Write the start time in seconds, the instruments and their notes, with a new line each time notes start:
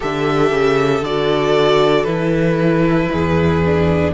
0.00 cello D3, viola G4, violin A4 E5
0.51 cello C#3
1.01 cello D3, viola F#4, violin D5
2.04 cello E3, viola E4, violin B4
3.12 cello E2, violin G#4
3.65 viola D4